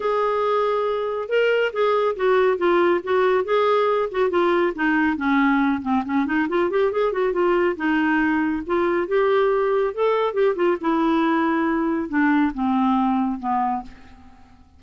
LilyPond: \new Staff \with { instrumentName = "clarinet" } { \time 4/4 \tempo 4 = 139 gis'2. ais'4 | gis'4 fis'4 f'4 fis'4 | gis'4. fis'8 f'4 dis'4 | cis'4. c'8 cis'8 dis'8 f'8 g'8 |
gis'8 fis'8 f'4 dis'2 | f'4 g'2 a'4 | g'8 f'8 e'2. | d'4 c'2 b4 | }